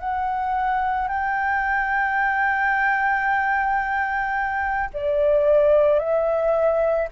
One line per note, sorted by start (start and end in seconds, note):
0.00 1.08 F#5
1.08 4.90 G5
4.94 6.00 D5
6.00 7.09 E5